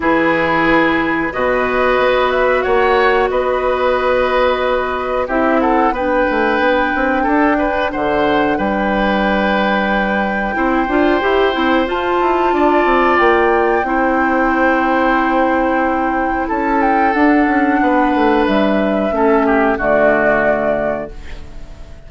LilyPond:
<<
  \new Staff \with { instrumentName = "flute" } { \time 4/4 \tempo 4 = 91 b'2 dis''4. e''8 | fis''4 dis''2. | e''8 fis''8 g''2. | fis''4 g''2.~ |
g''2 a''2 | g''1~ | g''4 a''8 g''8 fis''2 | e''2 d''2 | }
  \new Staff \with { instrumentName = "oboe" } { \time 4/4 gis'2 b'2 | cis''4 b'2. | g'8 a'8 b'2 a'8 b'8 | c''4 b'2. |
c''2. d''4~ | d''4 c''2.~ | c''4 a'2 b'4~ | b'4 a'8 g'8 fis'2 | }
  \new Staff \with { instrumentName = "clarinet" } { \time 4/4 e'2 fis'2~ | fis'1 | e'4 d'2.~ | d'1 |
e'8 f'8 g'8 e'8 f'2~ | f'4 e'2.~ | e'2 d'2~ | d'4 cis'4 a2 | }
  \new Staff \with { instrumentName = "bassoon" } { \time 4/4 e2 b,4 b4 | ais4 b2. | c'4 b8 a8 b8 c'8 d'4 | d4 g2. |
c'8 d'8 e'8 c'8 f'8 e'8 d'8 c'8 | ais4 c'2.~ | c'4 cis'4 d'8 cis'8 b8 a8 | g4 a4 d2 | }
>>